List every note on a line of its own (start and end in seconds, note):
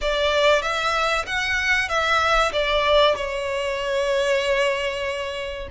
0.01 0.61 D5
0.61 1.25 E5
1.26 1.88 F#5
1.88 2.51 E5
2.52 3.15 D5
3.16 5.68 C#5